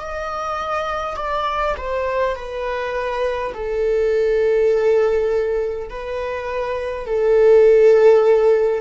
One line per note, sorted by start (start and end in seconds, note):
0.00 1.16 D#5
1.16 1.75 D5
1.77 2.35 C5
2.35 3.53 B4
3.53 5.89 A4
5.89 7.06 B4
7.06 8.81 A4